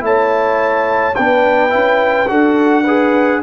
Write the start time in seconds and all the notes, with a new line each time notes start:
0.00 A3 E4 C#5 A5
1.15 B3 D4 B4 G5
1.70 C#4 E4
2.28 D4 F#4 A4 F#5
2.83 G#4 B4